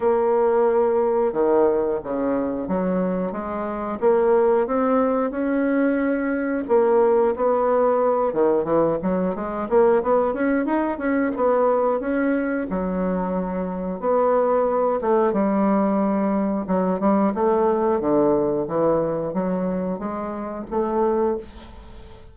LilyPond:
\new Staff \with { instrumentName = "bassoon" } { \time 4/4 \tempo 4 = 90 ais2 dis4 cis4 | fis4 gis4 ais4 c'4 | cis'2 ais4 b4~ | b8 dis8 e8 fis8 gis8 ais8 b8 cis'8 |
dis'8 cis'8 b4 cis'4 fis4~ | fis4 b4. a8 g4~ | g4 fis8 g8 a4 d4 | e4 fis4 gis4 a4 | }